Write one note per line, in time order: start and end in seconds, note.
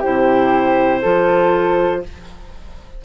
0.00 1.04 E4
0.00 1.00 G4
0.00 2.03 C5
0.07 1.05 C3
1.02 2.05 F3
1.02 2.04 F4
1.02 2.02 A4